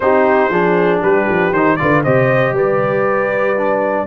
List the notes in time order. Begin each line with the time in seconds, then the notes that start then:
0.00 C4 D#4 G4 C5
0.50 F3 D4 G#4
1.00 G3 G4 B4
1.29 F3
1.51 D#3 D#4 C5
1.76 D3 F4 B4 D5
2.03 C3 G4 C5 D#5
2.51 G3 B4
2.58 D5
3.57 D4